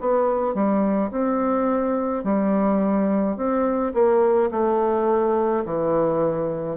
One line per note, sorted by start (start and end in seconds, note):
0.00 0.54 B3
0.54 1.11 G3
1.11 2.24 C4
2.24 3.36 G3
3.36 3.93 C4
3.94 4.50 A#3
4.51 5.64 A3
5.64 6.76 E3